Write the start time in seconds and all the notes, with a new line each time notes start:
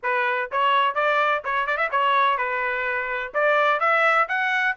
0.02 B4
0.51 C#5
0.94 D5
1.44 C#5
1.66 D5
1.77 E5
1.91 C#5
2.37 B4
3.33 D5
3.80 E5
4.28 F#5